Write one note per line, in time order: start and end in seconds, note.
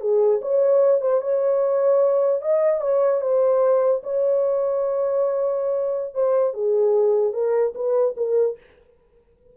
0.00 0.40 G#4
0.41 1.01 C#5
1.01 1.21 C5
1.21 2.41 C#5
2.41 2.81 D#5
2.81 3.21 C#5
3.21 4.02 C5
4.03 6.14 C#5
6.14 6.53 C5
6.53 7.33 G#4
7.33 7.73 A#4
7.74 8.15 B4
8.17 8.57 A#4